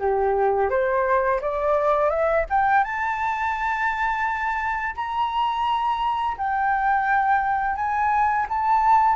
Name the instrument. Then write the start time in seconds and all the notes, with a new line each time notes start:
flute
0.00 G4
0.70 C5
1.41 D5
2.10 E5
2.51 G5
2.84 A5
4.96 A#5
6.38 G5
7.76 G#5
8.50 A5